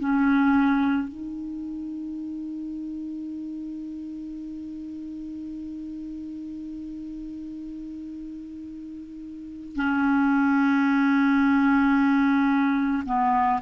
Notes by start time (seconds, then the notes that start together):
0.00 C#4
1.09 D#4
9.76 C#4
13.06 B3